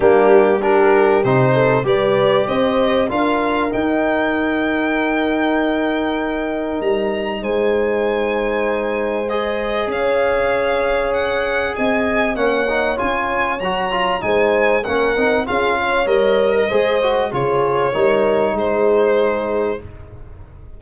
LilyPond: <<
  \new Staff \with { instrumentName = "violin" } { \time 4/4 \tempo 4 = 97 g'4 ais'4 c''4 d''4 | dis''4 f''4 g''2~ | g''2. ais''4 | gis''2. dis''4 |
f''2 fis''4 gis''4 | fis''4 gis''4 ais''4 gis''4 | fis''4 f''4 dis''2 | cis''2 c''2 | }
  \new Staff \with { instrumentName = "horn" } { \time 4/4 d'4 g'4. a'8 b'4 | c''4 ais'2.~ | ais'1 | c''1 |
cis''2. dis''4 | cis''2. c''4 | ais'4 gis'8 cis''4~ cis''16 ais'16 c''4 | gis'4 ais'4 gis'2 | }
  \new Staff \with { instrumentName = "trombone" } { \time 4/4 ais4 d'4 dis'4 g'4~ | g'4 f'4 dis'2~ | dis'1~ | dis'2. gis'4~ |
gis'1 | cis'8 dis'8 f'4 fis'8 f'8 dis'4 | cis'8 dis'8 f'4 ais'4 gis'8 fis'8 | f'4 dis'2. | }
  \new Staff \with { instrumentName = "tuba" } { \time 4/4 g2 c4 g4 | c'4 d'4 dis'2~ | dis'2. g4 | gis1 |
cis'2. c'4 | ais4 cis'4 fis4 gis4 | ais8 c'8 cis'4 g4 gis4 | cis4 g4 gis2 | }
>>